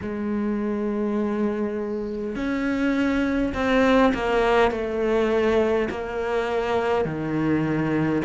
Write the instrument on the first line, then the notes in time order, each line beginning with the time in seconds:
cello
0.02 G#3
2.35 C#4
3.53 C4
4.13 A#3
4.71 A3
5.89 A#3
7.04 D#3